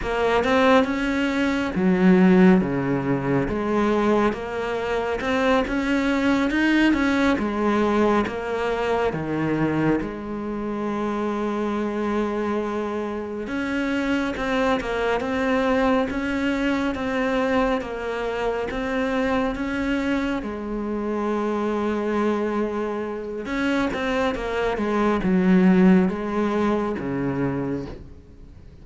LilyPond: \new Staff \with { instrumentName = "cello" } { \time 4/4 \tempo 4 = 69 ais8 c'8 cis'4 fis4 cis4 | gis4 ais4 c'8 cis'4 dis'8 | cis'8 gis4 ais4 dis4 gis8~ | gis2.~ gis8 cis'8~ |
cis'8 c'8 ais8 c'4 cis'4 c'8~ | c'8 ais4 c'4 cis'4 gis8~ | gis2. cis'8 c'8 | ais8 gis8 fis4 gis4 cis4 | }